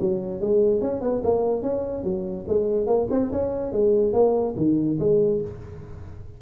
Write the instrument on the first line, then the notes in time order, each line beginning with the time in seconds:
tuba
0.00 F#3
0.40 G#3
0.81 C#4
1.01 B3
1.23 A#3
1.62 C#4
2.04 F#3
2.48 G#3
2.86 A#3
3.10 C4
3.31 C#4
3.72 G#3
4.13 A#3
4.56 D#3
4.99 G#3